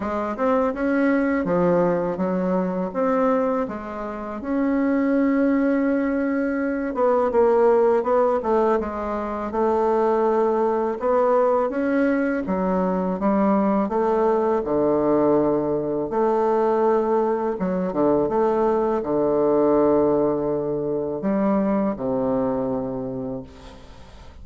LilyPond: \new Staff \with { instrumentName = "bassoon" } { \time 4/4 \tempo 4 = 82 gis8 c'8 cis'4 f4 fis4 | c'4 gis4 cis'2~ | cis'4. b8 ais4 b8 a8 | gis4 a2 b4 |
cis'4 fis4 g4 a4 | d2 a2 | fis8 d8 a4 d2~ | d4 g4 c2 | }